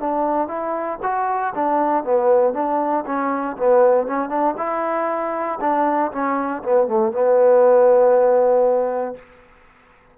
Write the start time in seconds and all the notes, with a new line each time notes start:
0.00 D4
0.48 E4
1.03 F#4
1.54 D4
2.04 B3
2.54 D4
3.06 C#4
3.57 B3
4.07 C#4
4.29 D4
4.58 E4
5.61 D4
6.12 C#4
6.63 B3
6.87 A3
7.12 B3